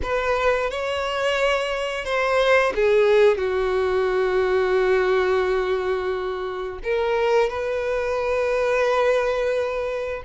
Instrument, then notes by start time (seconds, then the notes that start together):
violin
0.02 B4
0.70 C#5
2.05 C5
2.75 G#4
3.37 F#4
6.83 A#4
7.49 B4